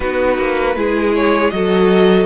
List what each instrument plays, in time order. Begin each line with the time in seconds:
0.00 cello B3, viola D#4, violin F#4 B4
0.37 cello A#3
0.75 cello G#3, viola E4, violin G#4
1.15 violin C#5
1.50 cello F#3, viola F#4, violin A4 D#5